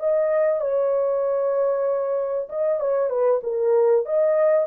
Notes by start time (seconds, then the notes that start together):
0.00 D#5
0.61 C#5
2.50 D#5
2.81 C#5
3.10 B4
3.44 A#4
4.06 D#5